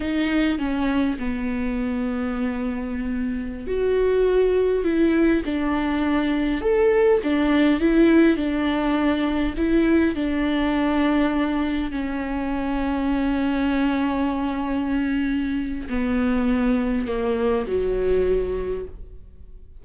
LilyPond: \new Staff \with { instrumentName = "viola" } { \time 4/4 \tempo 4 = 102 dis'4 cis'4 b2~ | b2~ b16 fis'4.~ fis'16~ | fis'16 e'4 d'2 a'8.~ | a'16 d'4 e'4 d'4.~ d'16~ |
d'16 e'4 d'2~ d'8.~ | d'16 cis'2.~ cis'8.~ | cis'2. b4~ | b4 ais4 fis2 | }